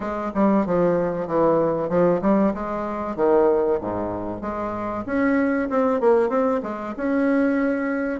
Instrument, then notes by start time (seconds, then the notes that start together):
bassoon
0.00 G#3
0.34 G3
0.66 F3
1.27 E3
1.89 F3
2.21 G3
2.53 G#3
3.16 D#3
3.80 G#2
4.41 G#3
5.06 C#4
5.69 C4
6.00 A#3
6.29 C4
6.63 G#3
6.96 C#4